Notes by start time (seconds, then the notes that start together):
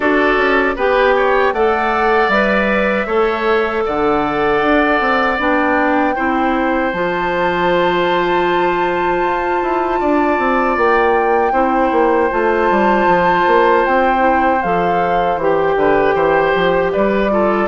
0.00 D4 F#4 A4 D5
0.36 C#4
0.75 B3 G4 B4 G5
1.16 C#5
1.53 A3 A4 D5 F#5
2.28 G3 B4 E5
3.06 A3 A4 C#5
3.85 D3 D5 F#5
4.61 D4
5.00 C4
5.38 B3 D4 G5
6.15 C4 E4 C5
6.92 F3 F4 A5
9.22 F4
9.62 E4
10.00 D4 D5
10.38 C4
10.76 A#3 G5
11.52 C4 E4 C5
11.91 A#3
12.30 A3 F4 A5
12.70 G3
13.06 F3
13.46 A#3
13.85 C4 G5
14.18 E4
14.62 F3 A4 F5
15.36 E3 G4 G5
15.75 D3 B4
16.14 E3 C5
16.54 F3
16.92 G3 B4 D5
17.30 F4 A4